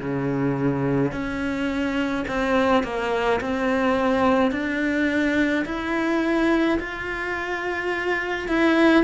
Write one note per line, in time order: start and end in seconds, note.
0.00 1.12 C#3
1.12 2.25 C#4
2.28 2.84 C4
2.84 3.41 A#3
3.41 4.52 C4
4.52 5.66 D4
5.66 6.79 E4
6.80 8.49 F4
8.49 9.05 E4